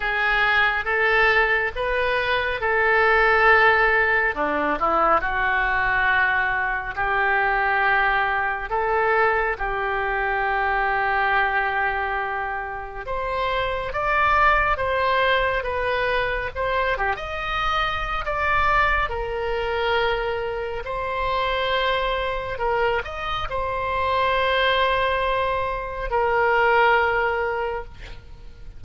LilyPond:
\new Staff \with { instrumentName = "oboe" } { \time 4/4 \tempo 4 = 69 gis'4 a'4 b'4 a'4~ | a'4 d'8 e'8 fis'2 | g'2 a'4 g'4~ | g'2. c''4 |
d''4 c''4 b'4 c''8 g'16 dis''16~ | dis''4 d''4 ais'2 | c''2 ais'8 dis''8 c''4~ | c''2 ais'2 | }